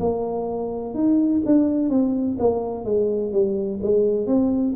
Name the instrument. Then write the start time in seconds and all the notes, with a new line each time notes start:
tuba
0.00 A#3
0.94 D#4
1.45 D4
1.90 C4
2.39 A#3
2.85 G#3
3.32 G3
3.83 G#3
4.27 C4